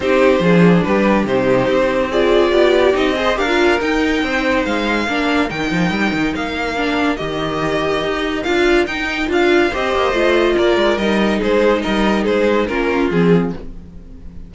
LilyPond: <<
  \new Staff \with { instrumentName = "violin" } { \time 4/4 \tempo 4 = 142 c''2 b'4 c''4~ | c''4 d''2 dis''4 | f''4 g''2 f''4~ | f''4 g''2 f''4~ |
f''4 dis''2. | f''4 g''4 f''4 dis''4~ | dis''4 d''4 dis''4 c''4 | dis''4 c''4 ais'4 gis'4 | }
  \new Staff \with { instrumentName = "violin" } { \time 4/4 g'4 gis'4 g'2~ | g'4 gis'4 g'4. c''8 | ais'2 c''2 | ais'1~ |
ais'1~ | ais'2. c''4~ | c''4 ais'2 gis'4 | ais'4 gis'4 f'2 | }
  \new Staff \with { instrumentName = "viola" } { \time 4/4 dis'4 d'2 dis'4~ | dis'4 f'2 dis'8 gis'8 | g'16 f'8. dis'2. | d'4 dis'2. |
d'4 g'2. | f'4 dis'4 f'4 g'4 | f'2 dis'2~ | dis'2 cis'4 c'4 | }
  \new Staff \with { instrumentName = "cello" } { \time 4/4 c'4 f4 g4 c4 | c'2 b4 c'4 | d'4 dis'4 c'4 gis4 | ais4 dis8 f8 g8 dis8 ais4~ |
ais4 dis2 dis'4 | d'4 dis'4 d'4 c'8 ais8 | a4 ais8 gis8 g4 gis4 | g4 gis4 ais4 f4 | }
>>